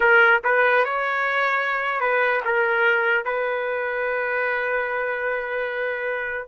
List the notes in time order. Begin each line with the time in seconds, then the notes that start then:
0.00 A#4
0.44 B4
0.84 C#5
2.00 B4
2.45 A#4
3.24 B4